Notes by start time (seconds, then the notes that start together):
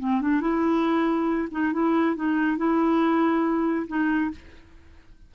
0.00 C4
0.21 D4
0.41 E4
1.51 D#4
1.73 E4
2.16 D#4
2.57 E4
3.88 D#4